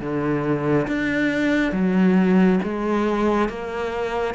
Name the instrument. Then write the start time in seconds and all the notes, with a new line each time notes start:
cello
0.00 D3
0.87 D4
1.72 F#3
2.63 G#3
3.49 A#3